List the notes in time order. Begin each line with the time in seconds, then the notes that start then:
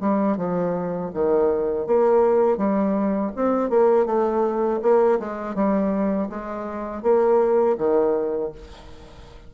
0.00 G3
0.37 F3
1.14 D#3
1.87 A#3
2.58 G3
3.36 C4
3.70 A#3
4.06 A3
4.82 A#3
5.20 G#3
5.55 G3
6.30 G#3
7.03 A#3
7.78 D#3